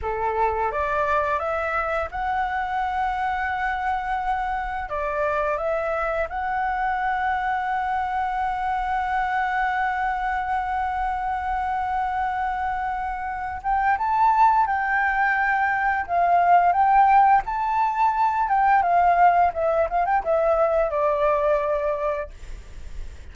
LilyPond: \new Staff \with { instrumentName = "flute" } { \time 4/4 \tempo 4 = 86 a'4 d''4 e''4 fis''4~ | fis''2. d''4 | e''4 fis''2.~ | fis''1~ |
fis''2.~ fis''8 g''8 | a''4 g''2 f''4 | g''4 a''4. g''8 f''4 | e''8 f''16 g''16 e''4 d''2 | }